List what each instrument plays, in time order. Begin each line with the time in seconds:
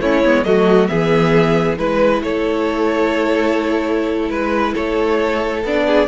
0.00 cello A3, viola C#4, violin E4 C#5
0.24 cello G#3, viola B3
0.44 cello F#3, viola A3, violin F#4 D#5
0.87 cello E3, viola B3, violin G#4 E5
1.77 cello G#3, viola E4, violin B4
2.21 cello A3, violin A4 C#5
4.30 cello G#3, violin B4
4.74 cello A3, violin A4 C#5
5.64 cello B3, viola D4, violin D5
5.86 violin G#4